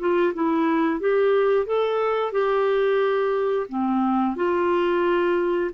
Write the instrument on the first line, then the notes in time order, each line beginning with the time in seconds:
clarinet
0.00 F4
0.34 E4
1.01 G4
1.67 A4
2.32 G4
3.69 C4
4.36 F4